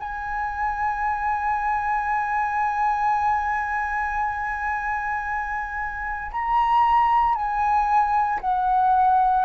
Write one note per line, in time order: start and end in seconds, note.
0.00 6.32 G#5
6.32 7.35 A#5
7.35 8.40 G#5
8.41 9.45 F#5